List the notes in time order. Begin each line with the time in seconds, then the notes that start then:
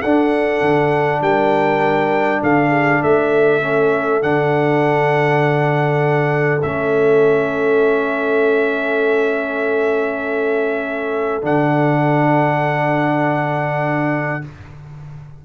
0.00 D4 A4 F#5
0.61 D3
1.20 G3 A#4 G5
2.42 D3 A4 F5
2.70 G#4
3.01 A3 A4 E5
3.61 C#4
4.21 D3 D4 F#5
6.62 A3 C#4 E5
11.41 D3 D4 F#5